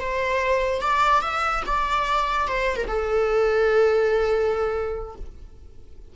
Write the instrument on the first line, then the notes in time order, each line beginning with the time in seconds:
viola
0.00 C5
0.82 D5
1.22 E5
1.66 D5
2.48 C5
2.77 A#4
2.88 A4